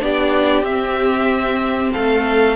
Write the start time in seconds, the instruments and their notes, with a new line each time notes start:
0.00 cello B3, viola D4, violin G4 D5
0.63 cello C4, viola C4, violin E5
1.93 cello A3, violin A4 F5